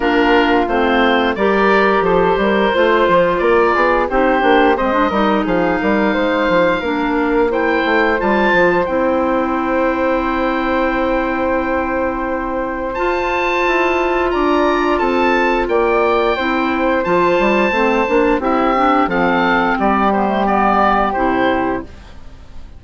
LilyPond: <<
  \new Staff \with { instrumentName = "oboe" } { \time 4/4 \tempo 4 = 88 ais'4 c''4 d''4 c''4~ | c''4 d''4 c''4 dis''4 | f''2. g''4 | a''4 g''2.~ |
g''2. a''4~ | a''4 ais''4 a''4 g''4~ | g''4 a''2 e''4 | f''4 d''8 c''8 d''4 c''4 | }
  \new Staff \with { instrumentName = "flute" } { \time 4/4 f'2 ais'4 a'8 ais'8 | c''4 ais'8 gis'8 g'4 c''8 ais'8 | gis'8 ais'8 c''4 ais'4 c''4~ | c''1~ |
c''1~ | c''4 d''4 a'4 d''4 | c''2. g'4 | a'4 g'2. | }
  \new Staff \with { instrumentName = "clarinet" } { \time 4/4 d'4 c'4 g'2 | f'2 dis'8 d'8 c'16 d'16 dis'8~ | dis'2 d'4 e'4 | f'4 e'2.~ |
e'2. f'4~ | f'1 | e'4 f'4 c'8 d'8 e'8 d'8 | c'4. b16 a16 b4 e'4 | }
  \new Staff \with { instrumentName = "bassoon" } { \time 4/4 ais4 a4 g4 f8 g8 | a8 f8 ais8 b8 c'8 ais8 gis8 g8 | f8 g8 gis8 f8 ais4. a8 | g8 f8 c'2.~ |
c'2. f'4 | e'4 d'4 c'4 ais4 | c'4 f8 g8 a8 ais8 c'4 | f4 g2 c4 | }
>>